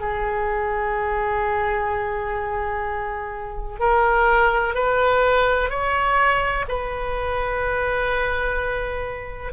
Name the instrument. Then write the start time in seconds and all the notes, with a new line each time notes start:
oboe
0.00 G#4
3.79 A#4
4.74 B4
5.70 C#5
6.68 B4